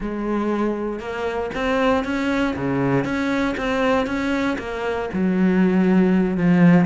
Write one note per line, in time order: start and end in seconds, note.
0.00 0.99 G#3
0.99 1.50 A#3
1.54 2.04 C4
2.04 2.55 C#4
2.56 3.04 C#3
3.04 3.55 C#4
3.57 4.06 C4
4.06 4.57 C#4
4.58 5.09 A#3
5.13 6.37 F#3
6.37 6.85 F3